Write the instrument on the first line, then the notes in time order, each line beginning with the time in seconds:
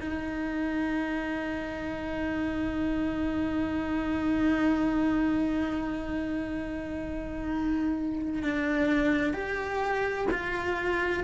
cello
0.00 D#4
8.42 D4
9.33 G4
10.31 F4